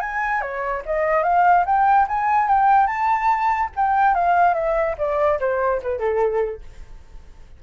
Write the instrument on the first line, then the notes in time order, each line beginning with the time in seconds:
flute
0.00 G#5
0.41 C#5
0.86 D#5
1.24 F5
1.66 G5
2.08 G#5
2.48 G5
2.87 A5
3.76 G5
4.14 F5
4.54 E5
4.98 D5
5.40 C5
5.82 B4
5.99 A4